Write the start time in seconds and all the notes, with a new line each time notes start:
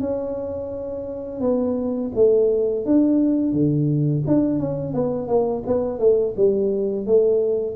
0.00 C#4
1.40 B3
2.15 A3
2.85 D4
3.52 D3
4.26 D4
4.59 C#4
4.93 B3
5.27 A#3
5.66 B3
5.98 A3
6.36 G3
7.06 A3